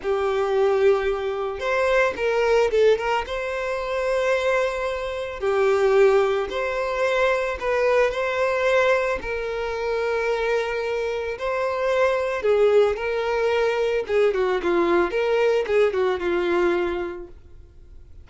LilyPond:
\new Staff \with { instrumentName = "violin" } { \time 4/4 \tempo 4 = 111 g'2. c''4 | ais'4 a'8 ais'8 c''2~ | c''2 g'2 | c''2 b'4 c''4~ |
c''4 ais'2.~ | ais'4 c''2 gis'4 | ais'2 gis'8 fis'8 f'4 | ais'4 gis'8 fis'8 f'2 | }